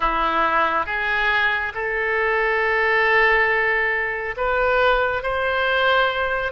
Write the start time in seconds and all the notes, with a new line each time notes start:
0.00 E4
0.85 G#4
1.74 A4
4.36 B4
5.22 C5